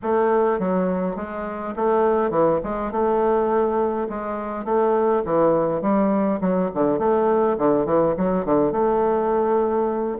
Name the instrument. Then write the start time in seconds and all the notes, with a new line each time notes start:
bassoon
0.02 A3
0.59 F#3
1.16 G#3
1.76 A3
2.30 E3
2.63 G#3
2.91 A3
4.09 G#3
4.64 A3
5.25 E3
5.81 G3
6.40 F#3
6.74 D3
6.98 A3
7.58 D3
7.85 E3
8.17 F#3
8.45 D3
8.72 A3